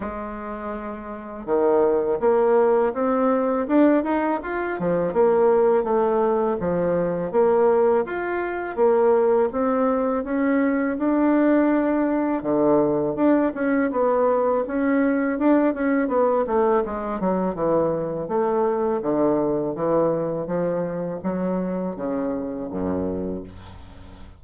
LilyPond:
\new Staff \with { instrumentName = "bassoon" } { \time 4/4 \tempo 4 = 82 gis2 dis4 ais4 | c'4 d'8 dis'8 f'8 f8 ais4 | a4 f4 ais4 f'4 | ais4 c'4 cis'4 d'4~ |
d'4 d4 d'8 cis'8 b4 | cis'4 d'8 cis'8 b8 a8 gis8 fis8 | e4 a4 d4 e4 | f4 fis4 cis4 fis,4 | }